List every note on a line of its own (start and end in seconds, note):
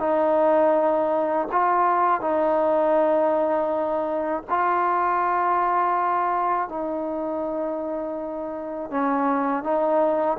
0.00 1.48 D#4
1.52 2.21 F4
2.21 4.43 D#4
4.51 6.70 F4
6.70 8.91 D#4
8.91 9.64 C#4
9.64 10.38 D#4